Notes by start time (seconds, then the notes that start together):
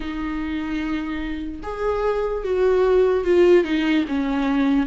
0.00 D#4
1.62 G#4
2.44 F#4
3.24 F4
3.64 D#4
4.08 C#4